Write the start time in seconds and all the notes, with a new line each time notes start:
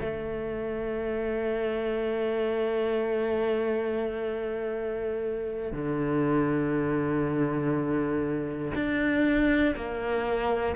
0.00 A3
5.72 D3
8.75 D4
9.75 A#3